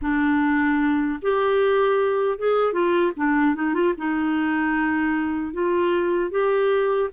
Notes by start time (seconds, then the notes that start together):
0.01 D4
1.22 G4
2.38 G#4
2.72 F4
3.16 D4
3.55 D#4
3.74 F4
3.97 D#4
5.53 F4
6.31 G4